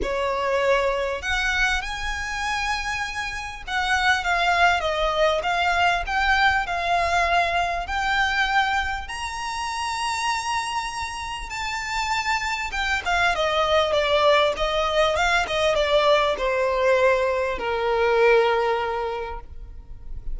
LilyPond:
\new Staff \with { instrumentName = "violin" } { \time 4/4 \tempo 4 = 99 cis''2 fis''4 gis''4~ | gis''2 fis''4 f''4 | dis''4 f''4 g''4 f''4~ | f''4 g''2 ais''4~ |
ais''2. a''4~ | a''4 g''8 f''8 dis''4 d''4 | dis''4 f''8 dis''8 d''4 c''4~ | c''4 ais'2. | }